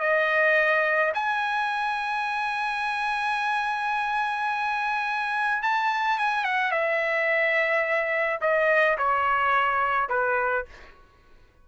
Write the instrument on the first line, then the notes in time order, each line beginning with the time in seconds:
trumpet
0.00 D#5
1.14 G#5
5.63 A5
6.18 G#5
6.44 F#5
6.72 E5
8.41 D#5
8.98 C#5
10.09 B4